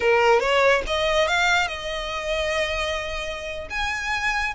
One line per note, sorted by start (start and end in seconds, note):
0.00 0.40 A#4
0.40 0.82 C#5
0.86 1.27 D#5
1.27 1.67 F5
1.67 3.68 D#5
3.70 4.54 G#5